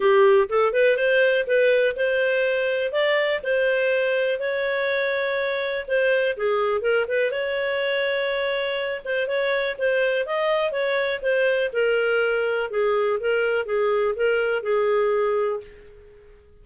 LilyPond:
\new Staff \with { instrumentName = "clarinet" } { \time 4/4 \tempo 4 = 123 g'4 a'8 b'8 c''4 b'4 | c''2 d''4 c''4~ | c''4 cis''2. | c''4 gis'4 ais'8 b'8 cis''4~ |
cis''2~ cis''8 c''8 cis''4 | c''4 dis''4 cis''4 c''4 | ais'2 gis'4 ais'4 | gis'4 ais'4 gis'2 | }